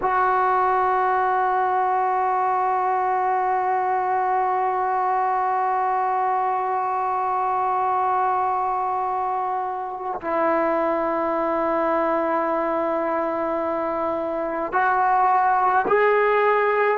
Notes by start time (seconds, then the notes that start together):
0.01 F#4
10.21 E4
14.72 F#4
15.87 G#4